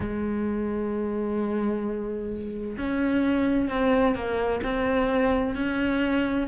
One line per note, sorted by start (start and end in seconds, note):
0.00 2.77 G#3
2.77 3.69 C#4
3.69 4.15 C4
4.15 4.61 A#3
4.63 5.55 C4
5.55 6.47 C#4